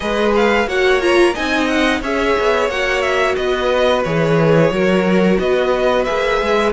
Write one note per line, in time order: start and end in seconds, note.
0.00 0.66 G#3
0.00 0.67 G#4
0.00 0.68 B4
0.00 0.32 D#5
0.35 0.68 F5
0.66 1.33 A#3
0.66 1.00 F#4
0.66 1.33 C#5
0.66 1.01 F#5
1.00 1.34 F4
1.00 1.35 A#5
1.33 2.01 C4
1.33 2.02 D#4
1.33 2.00 D#5
1.33 1.67 G#5
1.67 2.01 F#5
2.01 2.35 C#4
2.01 2.70 G#4
2.01 3.36 C#5
2.01 2.69 E5
2.39 2.68 B3
2.68 3.36 A#3
2.68 4.05 F#4
2.68 3.01 F#5
3.01 3.35 E5
3.35 4.04 B3
3.35 4.71 B4
3.35 4.03 D#5
4.03 4.70 E3
4.03 4.73 G#4
4.03 5.37 C#5
4.70 5.38 F#3
4.70 6.06 F#4
4.70 5.40 A#4
5.39 6.06 B3
5.39 6.73 B4
5.39 6.04 D#5
6.04 6.41 A#3
6.04 6.73 G#4
6.04 6.71 E5
6.41 6.73 G#3